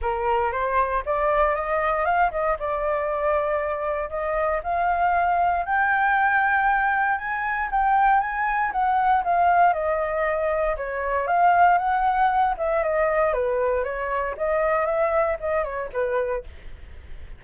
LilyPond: \new Staff \with { instrumentName = "flute" } { \time 4/4 \tempo 4 = 117 ais'4 c''4 d''4 dis''4 | f''8 dis''8 d''2. | dis''4 f''2 g''4~ | g''2 gis''4 g''4 |
gis''4 fis''4 f''4 dis''4~ | dis''4 cis''4 f''4 fis''4~ | fis''8 e''8 dis''4 b'4 cis''4 | dis''4 e''4 dis''8 cis''8 b'4 | }